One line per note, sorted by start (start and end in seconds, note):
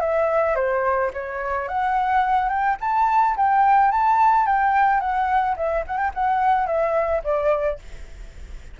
0.00 0.55 E5
0.55 1.11 C5
1.13 1.68 C#5
1.68 2.49 F#5
2.49 2.77 G5
2.81 3.36 A5
3.36 3.91 G5
3.91 4.46 A5
4.46 5.00 G5
5.00 5.55 F#5
5.56 5.84 E5
5.87 5.97 F#5
5.97 6.11 G5
6.14 6.66 F#5
6.66 7.22 E5
7.23 7.79 D5